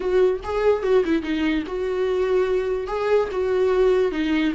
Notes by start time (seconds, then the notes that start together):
0.00 F#4
0.43 G#4
0.83 F#4
1.04 E4
1.22 D#4
1.66 F#4
2.87 G#4
3.31 F#4
4.11 D#4